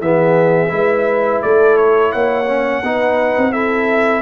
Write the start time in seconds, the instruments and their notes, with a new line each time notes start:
0.00 tuba E3, trombone B3, horn G#4, trumpet E5
0.69 tuba G#3, trombone E4, horn B4
1.42 tuba A3, horn A4, trumpet D5
1.77 trumpet C#5
2.12 tuba A#3, horn C#5, trumpet F#5
2.48 trombone C#4
2.83 tuba B3, trombone D#4, horn B4
3.38 tuba C4
3.52 trombone E4, horn A4, trumpet E5